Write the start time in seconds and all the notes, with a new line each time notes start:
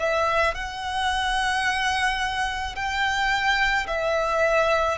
0.00 E5
0.55 F#5
2.76 G5
3.87 E5